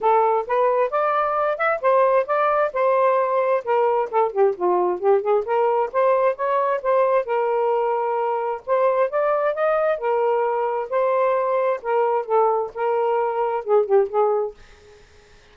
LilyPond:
\new Staff \with { instrumentName = "saxophone" } { \time 4/4 \tempo 4 = 132 a'4 b'4 d''4. e''8 | c''4 d''4 c''2 | ais'4 a'8 g'8 f'4 g'8 gis'8 | ais'4 c''4 cis''4 c''4 |
ais'2. c''4 | d''4 dis''4 ais'2 | c''2 ais'4 a'4 | ais'2 gis'8 g'8 gis'4 | }